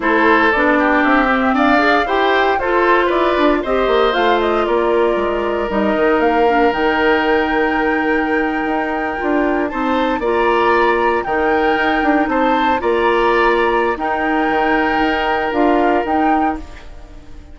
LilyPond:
<<
  \new Staff \with { instrumentName = "flute" } { \time 4/4 \tempo 4 = 116 c''4 d''4 e''4 f''4 | g''4 c''4 d''4 dis''4 | f''8 dis''8 d''2 dis''4 | f''4 g''2.~ |
g''2~ g''8. a''4 ais''16~ | ais''4.~ ais''16 g''2 a''16~ | a''8. ais''2~ ais''16 g''4~ | g''2 f''4 g''4 | }
  \new Staff \with { instrumentName = "oboe" } { \time 4/4 a'4. g'4. d''4 | c''4 a'4 b'4 c''4~ | c''4 ais'2.~ | ais'1~ |
ais'2~ ais'8. c''4 d''16~ | d''4.~ d''16 ais'2 c''16~ | c''8. d''2~ d''16 ais'4~ | ais'1 | }
  \new Staff \with { instrumentName = "clarinet" } { \time 4/4 e'4 d'4. c'4 gis'8 | g'4 f'2 g'4 | f'2. dis'4~ | dis'8 d'8 dis'2.~ |
dis'4.~ dis'16 f'4 dis'4 f'16~ | f'4.~ f'16 dis'2~ dis'16~ | dis'8. f'2~ f'16 dis'4~ | dis'2 f'4 dis'4 | }
  \new Staff \with { instrumentName = "bassoon" } { \time 4/4 a4 b4 c'4 d'4 | e'4 f'4 e'8 d'8 c'8 ais8 | a4 ais4 gis4 g8 dis8 | ais4 dis2.~ |
dis8. dis'4 d'4 c'4 ais16~ | ais4.~ ais16 dis4 dis'8 d'8 c'16~ | c'8. ais2~ ais16 dis'4 | dis4 dis'4 d'4 dis'4 | }
>>